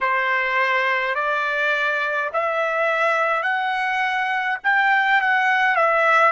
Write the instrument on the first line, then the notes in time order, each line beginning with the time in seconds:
trumpet
0.00 C5
1.14 D5
2.33 E5
3.42 F#5
4.63 G5
5.21 F#5
5.75 E5